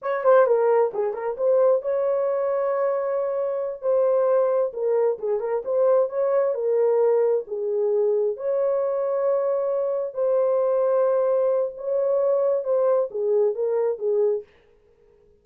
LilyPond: \new Staff \with { instrumentName = "horn" } { \time 4/4 \tempo 4 = 133 cis''8 c''8 ais'4 gis'8 ais'8 c''4 | cis''1~ | cis''8 c''2 ais'4 gis'8 | ais'8 c''4 cis''4 ais'4.~ |
ais'8 gis'2 cis''4.~ | cis''2~ cis''8 c''4.~ | c''2 cis''2 | c''4 gis'4 ais'4 gis'4 | }